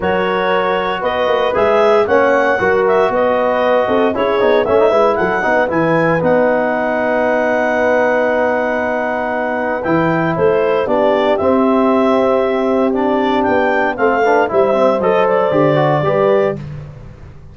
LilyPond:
<<
  \new Staff \with { instrumentName = "clarinet" } { \time 4/4 \tempo 4 = 116 cis''2 dis''4 e''4 | fis''4. e''8 dis''2 | cis''4 e''4 fis''4 gis''4 | fis''1~ |
fis''2. g''4 | c''4 d''4 e''2~ | e''4 d''4 g''4 f''4 | e''4 dis''8 d''2~ d''8 | }
  \new Staff \with { instrumentName = "horn" } { \time 4/4 ais'2 b'2 | cis''4 ais'4 b'4. a'8 | gis'4 cis''8 b'8 a'8 b'4.~ | b'1~ |
b'1 | a'4 g'2.~ | g'2. a'8 b'8 | c''2. b'4 | }
  \new Staff \with { instrumentName = "trombone" } { \time 4/4 fis'2. gis'4 | cis'4 fis'2. | e'8 dis'8 cis'16 dis'16 e'4 dis'8 e'4 | dis'1~ |
dis'2. e'4~ | e'4 d'4 c'2~ | c'4 d'2 c'8 d'8 | e'8 c'8 a'4 g'8 fis'8 g'4 | }
  \new Staff \with { instrumentName = "tuba" } { \time 4/4 fis2 b8 ais8 gis4 | ais4 fis4 b4. c'8 | cis'8 b8 a8 gis8 fis8 b8 e4 | b1~ |
b2. e4 | a4 b4 c'2~ | c'2 b4 a4 | g4 fis4 d4 g4 | }
>>